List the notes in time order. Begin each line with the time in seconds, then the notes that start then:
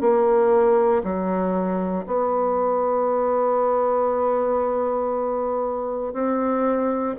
0.00 A#3
1.03 F#3
2.06 B3
6.13 C4